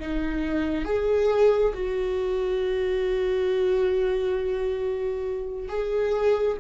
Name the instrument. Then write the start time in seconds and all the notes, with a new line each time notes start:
viola
0.00 D#4
0.85 G#4
1.74 F#4
5.69 G#4